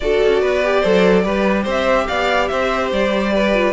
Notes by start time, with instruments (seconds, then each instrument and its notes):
0.00 cello D4, viola F#4, violin A4 D5
0.23 cello C#4
0.41 cello B3, violin B4
0.63 viola G4
0.80 cello F#3, viola A4, violin C5
1.24 cello G3, viola G4, violin B4
1.63 cello C4, violin C5
1.70 violin E5
2.07 cello B3, violin D5 F5
2.48 cello C4, violin C5 E5
2.92 cello G3, violin D5
3.33 violin B4
3.53 viola F4